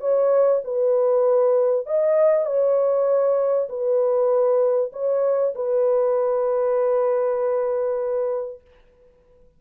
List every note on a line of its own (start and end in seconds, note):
0.00 0.61 C#5
0.64 1.86 B4
1.86 2.45 D#5
2.45 3.68 C#5
3.68 4.91 B4
4.92 5.54 C#5
5.55 8.61 B4